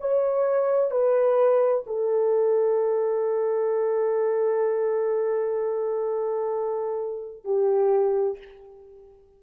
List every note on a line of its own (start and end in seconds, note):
0.00 0.91 C#5
0.91 1.85 B4
1.87 7.44 A4
7.44 8.38 G4